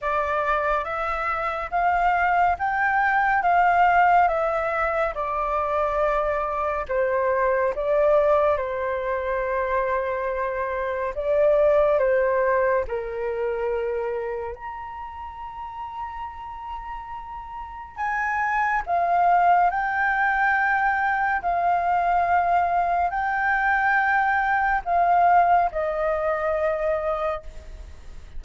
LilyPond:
\new Staff \with { instrumentName = "flute" } { \time 4/4 \tempo 4 = 70 d''4 e''4 f''4 g''4 | f''4 e''4 d''2 | c''4 d''4 c''2~ | c''4 d''4 c''4 ais'4~ |
ais'4 ais''2.~ | ais''4 gis''4 f''4 g''4~ | g''4 f''2 g''4~ | g''4 f''4 dis''2 | }